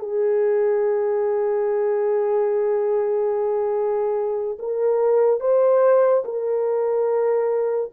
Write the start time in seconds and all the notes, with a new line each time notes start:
0.00 G#4
4.59 A#4
5.41 C5
6.25 A#4